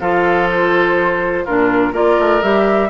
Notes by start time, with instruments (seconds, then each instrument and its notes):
0.00 bassoon F3, clarinet F4, oboe A4, flute F5
0.51 flute C5
1.45 bassoon A#2, clarinet D4, oboe F4, flute A#4
1.93 bassoon A#3, clarinet F4, oboe A#4, flute D5
2.19 bassoon A3
2.42 bassoon G3, clarinet G4, flute E5